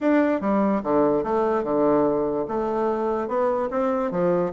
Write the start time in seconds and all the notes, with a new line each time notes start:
0.01 D4
0.41 G3
0.83 D3
1.23 A3
1.63 D3
2.48 A3
3.28 B3
3.70 C4
4.11 F3